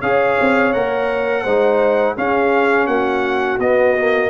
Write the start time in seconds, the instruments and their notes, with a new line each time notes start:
0.00 tuba C#4, trombone G#4, horn C#5, trumpet F5
0.41 tuba C4
0.73 tuba A#3, trombone A#4, trumpet F#5
1.43 tuba G#3, trombone D#4, horn C5
2.16 trombone C#4, tuba C#4, horn G#4, trumpet F5
2.87 tuba A#3, horn F#4, trumpet F#5
3.59 tuba B3, trombone B3, trumpet D#5
3.98 trombone A#3